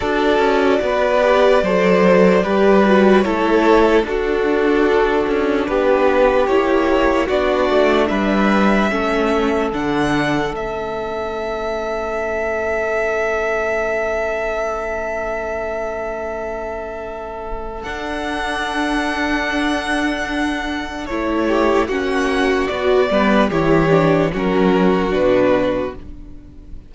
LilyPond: <<
  \new Staff \with { instrumentName = "violin" } { \time 4/4 \tempo 4 = 74 d''1 | cis''4 a'2 b'4 | cis''4 d''4 e''2 | fis''4 e''2.~ |
e''1~ | e''2 fis''2~ | fis''2 cis''4 fis''4 | d''4 cis''4 ais'4 b'4 | }
  \new Staff \with { instrumentName = "violin" } { \time 4/4 a'4 b'4 c''4 b'4 | a'4 fis'2 g'4~ | g'4 fis'4 b'4 a'4~ | a'1~ |
a'1~ | a'1~ | a'2~ a'8 g'8 fis'4~ | fis'8 b'8 g'4 fis'2 | }
  \new Staff \with { instrumentName = "viola" } { \time 4/4 fis'4. g'8 a'4 g'8 fis'8 | e'4 d'2. | e'4 d'2 cis'4 | d'4 cis'2.~ |
cis'1~ | cis'2 d'2~ | d'2 e'4 cis'4 | fis'8 b8 e'8 d'8 cis'4 d'4 | }
  \new Staff \with { instrumentName = "cello" } { \time 4/4 d'8 cis'8 b4 fis4 g4 | a4 d'4. cis'8 b4 | ais4 b8 a8 g4 a4 | d4 a2.~ |
a1~ | a2 d'2~ | d'2 a4 ais4 | b8 g8 e4 fis4 b,4 | }
>>